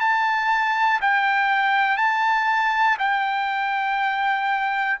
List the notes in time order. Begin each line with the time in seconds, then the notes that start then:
0.00 A5
1.01 G5
1.97 A5
2.99 G5